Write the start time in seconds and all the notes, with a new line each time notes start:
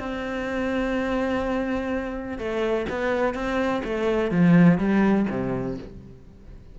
0.00 C4
2.38 A3
2.90 B3
3.34 C4
3.84 A3
4.32 F3
4.78 G3
5.30 C3